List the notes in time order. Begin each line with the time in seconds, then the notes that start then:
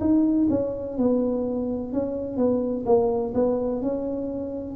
0.00 D#4
0.49 C#4
0.97 B3
1.92 C#4
2.36 B3
2.85 A#3
3.34 B3
3.81 C#4